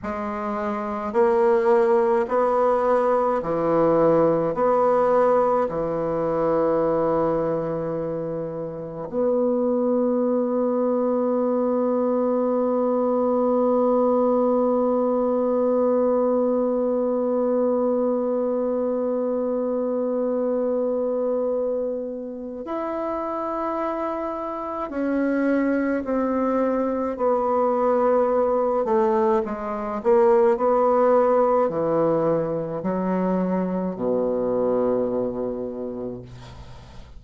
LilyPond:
\new Staff \with { instrumentName = "bassoon" } { \time 4/4 \tempo 4 = 53 gis4 ais4 b4 e4 | b4 e2. | b1~ | b1~ |
b1 | e'2 cis'4 c'4 | b4. a8 gis8 ais8 b4 | e4 fis4 b,2 | }